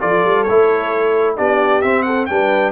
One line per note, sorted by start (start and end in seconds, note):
0.00 0.24 F3
0.00 0.46 F4
0.00 1.36 A4
0.00 0.43 D5
0.24 0.47 G3
0.43 1.38 A3
0.43 1.37 E4
0.43 1.34 C#5
1.36 1.83 B3
1.36 1.82 D4
1.36 2.05 G4
1.36 1.81 D5
1.81 2.28 C4
1.81 2.29 C4
1.81 2.02 E5
2.02 2.28 A4
2.02 2.25 F#5
2.26 2.72 G3
2.26 2.72 D4
2.26 2.72 B4
2.26 2.71 G5